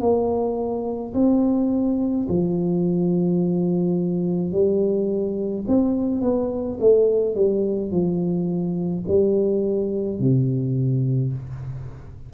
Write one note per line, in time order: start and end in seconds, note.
0.00 1.13 A#3
1.14 2.27 C4
2.29 4.52 F3
4.52 5.65 G3
5.68 6.22 C4
6.22 6.78 B3
6.80 7.35 A3
7.35 7.91 G3
7.91 9.05 F3
9.08 10.19 G3
10.19 11.33 C3